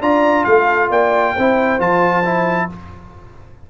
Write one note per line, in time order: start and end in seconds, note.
0.00 0.45 D4
0.00 1.36 F4
0.00 0.46 D5
0.00 0.44 A#5
0.44 0.90 A3
0.44 0.90 A4
0.44 0.89 F5
0.90 1.34 A#3
0.90 1.34 D5
0.90 1.80 G5
1.34 1.79 C4
1.34 1.79 E4
1.34 2.69 C5
1.79 2.68 F3
1.79 2.24 F4
1.79 2.70 A5
2.24 2.69 E4